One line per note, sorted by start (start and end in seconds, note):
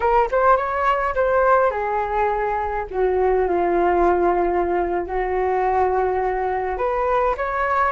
0.00 0.28 A#4
0.31 0.56 C5
0.56 1.14 C#5
1.14 1.70 C5
1.70 2.86 G#4
2.90 3.48 F#4
3.48 5.06 F4
5.06 6.77 F#4
6.77 7.35 B4
7.37 7.91 C#5